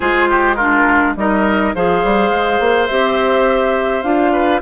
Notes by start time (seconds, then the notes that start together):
0.00 G#3 F4 G#4 C5
0.30 G4
0.55 D4 F4 A#4
1.16 G3 D#4 A#4 D#5
1.75 F3 G#4 C5 F5
2.04 G3
2.30 G#3
2.59 A#3
2.87 C4 G4 E5
4.02 D4 F4 F5
4.32 B4